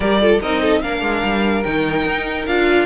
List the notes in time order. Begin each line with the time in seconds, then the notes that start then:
0.00 G3 G4 A#4 D5
0.20 F4 A4
0.41 C4 D#4 A#4 D#5
0.61 A4
0.81 A#3 D4 A#4 F5
1.02 G#3
1.23 G3
1.63 D#3 D#4 G5
2.06 D#4
2.46 D4 F4 F5